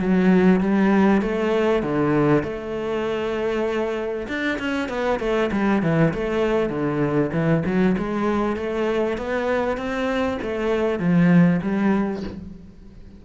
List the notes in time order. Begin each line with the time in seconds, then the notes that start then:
0.00 F#3
0.61 G3
1.22 A3
1.83 D3
2.44 A3
4.28 D4
4.59 C#4
4.89 B3
5.20 A3
5.52 G3
5.83 E3
6.14 A3
6.70 D3
7.33 E3
7.66 F#3
7.98 G#3
8.57 A3
9.18 B3
9.77 C4
10.42 A3
11.00 F3
11.62 G3